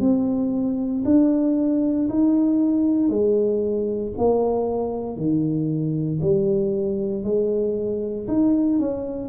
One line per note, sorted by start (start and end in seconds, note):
0.00 1.03 C4
1.05 2.08 D4
2.09 3.09 D#4
3.09 4.12 G#3
4.17 5.17 A#3
5.17 6.20 D#3
6.21 7.24 G3
7.24 8.27 G#3
8.28 8.79 D#4
8.79 9.29 C#4